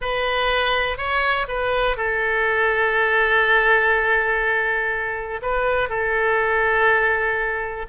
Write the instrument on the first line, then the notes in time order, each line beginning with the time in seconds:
oboe
0.01 B4
0.97 C#5
1.48 B4
1.96 A4
5.42 B4
5.89 A4